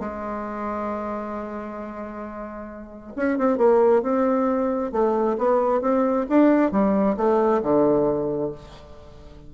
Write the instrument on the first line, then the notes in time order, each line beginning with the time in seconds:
bassoon
0.00 G#3
3.16 C#4
3.38 C4
3.58 A#3
4.03 C4
4.92 A3
5.38 B3
5.81 C4
6.30 D4
6.72 G3
7.17 A3
7.63 D3